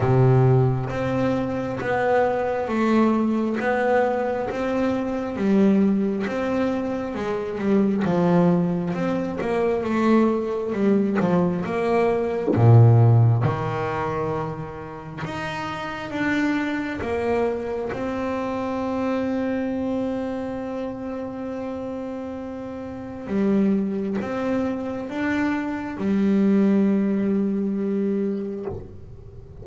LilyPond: \new Staff \with { instrumentName = "double bass" } { \time 4/4 \tempo 4 = 67 c4 c'4 b4 a4 | b4 c'4 g4 c'4 | gis8 g8 f4 c'8 ais8 a4 | g8 f8 ais4 ais,4 dis4~ |
dis4 dis'4 d'4 ais4 | c'1~ | c'2 g4 c'4 | d'4 g2. | }